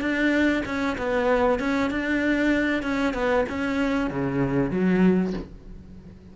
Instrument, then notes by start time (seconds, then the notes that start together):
cello
0.00 D4
0.65 C#4
0.97 B3
1.59 C#4
1.90 D4
2.82 C#4
3.13 B3
3.49 C#4
4.10 C#3
4.70 F#3